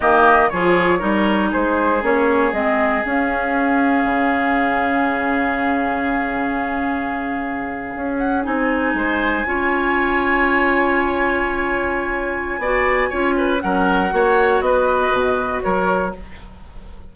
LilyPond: <<
  \new Staff \with { instrumentName = "flute" } { \time 4/4 \tempo 4 = 119 dis''4 cis''2 c''4 | cis''4 dis''4 f''2~ | f''1~ | f''1~ |
f''16 fis''8 gis''2.~ gis''16~ | gis''1~ | gis''2. fis''4~ | fis''4 dis''2 cis''4 | }
  \new Staff \with { instrumentName = "oboe" } { \time 4/4 g'4 gis'4 ais'4 gis'4~ | gis'1~ | gis'1~ | gis'1~ |
gis'4.~ gis'16 c''4 cis''4~ cis''16~ | cis''1~ | cis''4 d''4 cis''8 b'8 ais'4 | cis''4 b'2 ais'4 | }
  \new Staff \with { instrumentName = "clarinet" } { \time 4/4 ais4 f'4 dis'2 | cis'4 c'4 cis'2~ | cis'1~ | cis'1~ |
cis'8. dis'2 f'4~ f'16~ | f'1~ | f'4 fis'4 f'4 cis'4 | fis'1 | }
  \new Staff \with { instrumentName = "bassoon" } { \time 4/4 dis4 f4 g4 gis4 | ais4 gis4 cis'2 | cis1~ | cis2.~ cis8. cis'16~ |
cis'8. c'4 gis4 cis'4~ cis'16~ | cis'1~ | cis'4 b4 cis'4 fis4 | ais4 b4 b,4 fis4 | }
>>